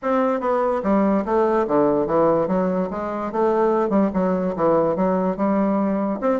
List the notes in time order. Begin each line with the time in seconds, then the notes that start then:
0.02 C4
0.40 B3
0.83 G3
1.25 A3
1.67 D3
2.07 E3
2.47 F#3
2.90 G#3
3.32 A3
3.89 G3
4.13 F#3
4.56 E3
4.96 F#3
5.36 G3
6.20 C4